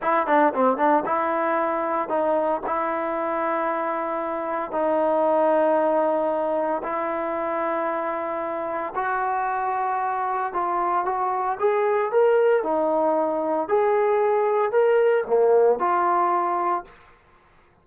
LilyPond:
\new Staff \with { instrumentName = "trombone" } { \time 4/4 \tempo 4 = 114 e'8 d'8 c'8 d'8 e'2 | dis'4 e'2.~ | e'4 dis'2.~ | dis'4 e'2.~ |
e'4 fis'2. | f'4 fis'4 gis'4 ais'4 | dis'2 gis'2 | ais'4 ais4 f'2 | }